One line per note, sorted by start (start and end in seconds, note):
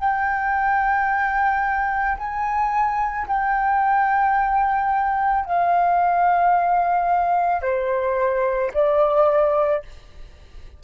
0.00 2.18 G5
2.18 3.27 G#5
3.28 5.46 G5
5.46 7.62 F5
7.62 8.71 C5
8.74 9.83 D5